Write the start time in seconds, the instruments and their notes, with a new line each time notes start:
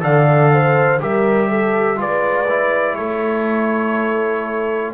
0.00 double bass D3, trombone A4, horn D5, trumpet F5
0.53 horn C5
1.00 double bass G3, trombone G4, horn A#4, trumpet E5
1.49 horn A4
1.96 double bass G#3, trombone F4, horn B4, trumpet D5
2.49 trombone E4
2.95 double bass A3, horn A4, trumpet C#5